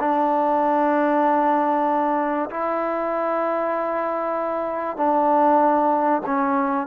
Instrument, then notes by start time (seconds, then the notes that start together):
trombone
0.00 D4
2.50 E4
4.97 D4
6.26 C#4